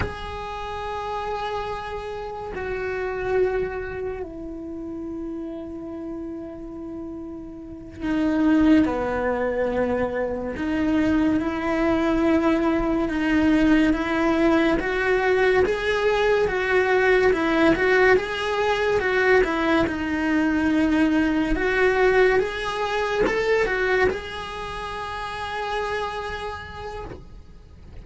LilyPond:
\new Staff \with { instrumentName = "cello" } { \time 4/4 \tempo 4 = 71 gis'2. fis'4~ | fis'4 e'2.~ | e'4. dis'4 b4.~ | b8 dis'4 e'2 dis'8~ |
dis'8 e'4 fis'4 gis'4 fis'8~ | fis'8 e'8 fis'8 gis'4 fis'8 e'8 dis'8~ | dis'4. fis'4 gis'4 a'8 | fis'8 gis'2.~ gis'8 | }